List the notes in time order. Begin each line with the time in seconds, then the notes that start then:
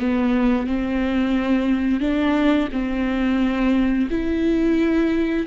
0.00 B3
0.67 C4
2.01 D4
2.73 C4
4.11 E4